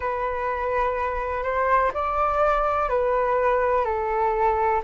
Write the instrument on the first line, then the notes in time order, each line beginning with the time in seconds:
flute
0.00 B4
1.43 C5
1.94 D5
2.89 B4
3.84 A4